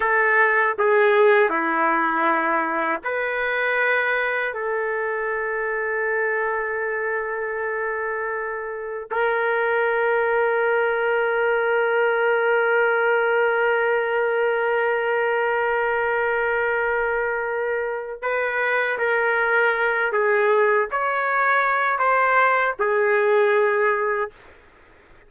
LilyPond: \new Staff \with { instrumentName = "trumpet" } { \time 4/4 \tempo 4 = 79 a'4 gis'4 e'2 | b'2 a'2~ | a'1 | ais'1~ |
ais'1~ | ais'1 | b'4 ais'4. gis'4 cis''8~ | cis''4 c''4 gis'2 | }